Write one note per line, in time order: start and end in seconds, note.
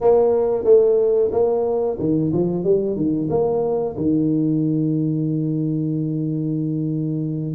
0.01 0.64 A#3
0.64 1.30 A3
1.31 1.97 A#3
1.99 2.32 D#3
2.33 2.64 F3
2.64 2.96 G3
2.96 3.28 D#3
3.30 3.96 A#3
3.96 7.55 D#3